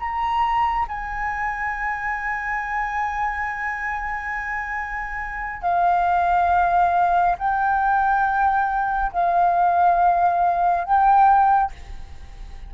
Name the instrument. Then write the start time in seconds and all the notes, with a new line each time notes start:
flute
0.00 A#5
0.89 G#5
5.63 F5
7.39 G5
9.13 F5
10.85 G5